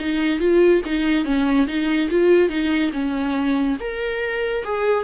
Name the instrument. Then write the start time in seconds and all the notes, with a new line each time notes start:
viola
0.00 D#4
0.40 F4
0.86 D#4
1.25 C#4
1.67 D#4
2.10 F4
2.50 D#4
2.93 C#4
3.80 A#4
4.64 G#4